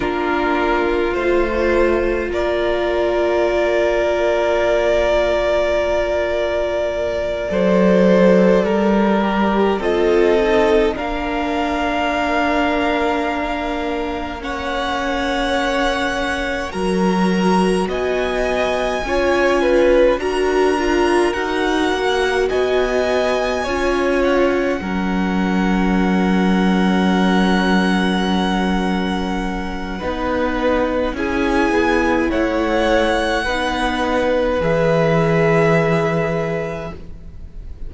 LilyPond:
<<
  \new Staff \with { instrumentName = "violin" } { \time 4/4 \tempo 4 = 52 ais'4 c''4 d''2~ | d''1~ | d''8 dis''4 f''2~ f''8~ | f''8 fis''2 ais''4 gis''8~ |
gis''4. ais''4 fis''4 gis''8~ | gis''4 fis''2.~ | fis''2. gis''4 | fis''2 e''2 | }
  \new Staff \with { instrumentName = "violin" } { \time 4/4 f'2 ais'2~ | ais'2~ ais'8 c''4 ais'8~ | ais'8 a'4 ais'2~ ais'8~ | ais'8 cis''2 ais'4 dis''8~ |
dis''8 cis''8 b'8 ais'2 dis''8~ | dis''8 cis''4 ais'2~ ais'8~ | ais'2 b'4 gis'4 | cis''4 b'2. | }
  \new Staff \with { instrumentName = "viola" } { \time 4/4 d'4 f'2.~ | f'2~ f'8 a'4. | g'8 f'8 dis'8 d'2~ d'8~ | d'8 cis'2 fis'4.~ |
fis'8 f'4 fis'8 f'8 fis'4.~ | fis'8 f'4 cis'2~ cis'8~ | cis'2 dis'4 e'4~ | e'4 dis'4 gis'2 | }
  \new Staff \with { instrumentName = "cello" } { \time 4/4 ais4 a4 ais2~ | ais2~ ais8 fis4 g8~ | g8 c'4 ais2~ ais8~ | ais2~ ais8 fis4 b8~ |
b8 cis'4 d'4 dis'8 ais8 b8~ | b8 cis'4 fis2~ fis8~ | fis2 b4 cis'8 b8 | a4 b4 e2 | }
>>